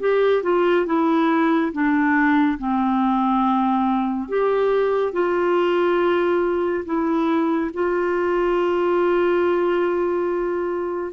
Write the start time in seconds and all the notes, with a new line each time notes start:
0.00 G4
0.43 F4
0.86 E4
1.72 D4
2.58 C4
4.28 G4
5.13 F4
6.85 E4
7.73 F4